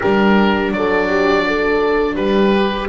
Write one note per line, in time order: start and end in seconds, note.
0.00 0.71 G3
0.00 2.53 D4
0.00 0.70 G4
0.00 0.72 A#4
0.71 2.16 F#3
0.71 1.08 A4
0.71 2.15 D5
1.08 1.44 G4
1.47 2.14 A4
2.14 2.89 G3
2.14 2.86 G4
2.14 2.88 B4
2.53 2.89 G4